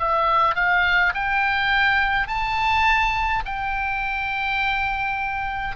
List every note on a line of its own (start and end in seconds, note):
0.00 0.56 E5
0.56 1.13 F5
1.15 2.28 G5
2.28 3.44 A5
3.46 5.76 G5